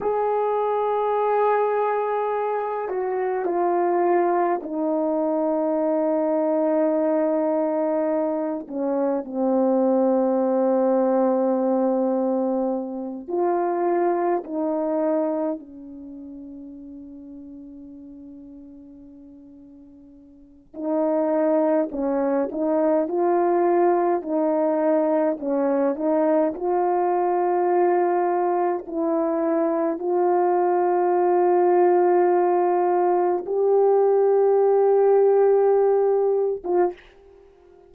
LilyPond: \new Staff \with { instrumentName = "horn" } { \time 4/4 \tempo 4 = 52 gis'2~ gis'8 fis'8 f'4 | dis'2.~ dis'8 cis'8 | c'2.~ c'8 f'8~ | f'8 dis'4 cis'2~ cis'8~ |
cis'2 dis'4 cis'8 dis'8 | f'4 dis'4 cis'8 dis'8 f'4~ | f'4 e'4 f'2~ | f'4 g'2~ g'8. f'16 | }